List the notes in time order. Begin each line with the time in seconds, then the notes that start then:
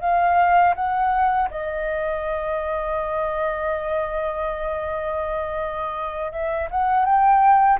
0.00 F5
0.75 F#5
1.50 D#5
6.31 E5
6.70 F#5
7.05 G5